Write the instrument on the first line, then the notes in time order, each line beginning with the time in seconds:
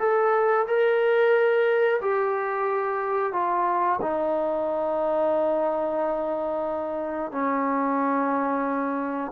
trombone
0.00 A4
0.68 A#4
2.02 G4
3.33 F4
4.02 D#4
7.32 C#4